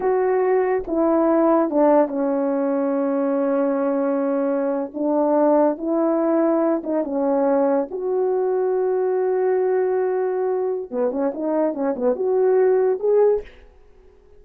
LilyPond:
\new Staff \with { instrumentName = "horn" } { \time 4/4 \tempo 4 = 143 fis'2 e'2 | d'4 cis'2.~ | cis'2.~ cis'8. d'16~ | d'4.~ d'16 e'2~ e'16~ |
e'16 dis'8 cis'2 fis'4~ fis'16~ | fis'1~ | fis'2 b8 cis'8 dis'4 | cis'8 b8 fis'2 gis'4 | }